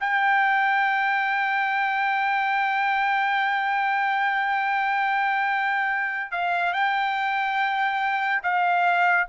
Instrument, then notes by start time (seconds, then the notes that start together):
trumpet
0.00 G5
6.31 F5
6.73 G5
8.43 F5